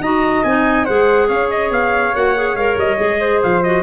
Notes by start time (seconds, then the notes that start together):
0.00 D#4 F#4 D#5 A#5
0.44 C4 D#4 G#5
0.84 G#3 G#4 C5 F#5
1.28 C#4 C#5 F5
1.50 D#5
1.70 B3 F5
2.14 A#3 F#4 F#5
2.35 G#4
2.54 G#3 A#4 F5
2.77 G3 D#5
2.98 G#3 G#4
3.20 C5
3.43 F3 F5
3.63 F#4 D#5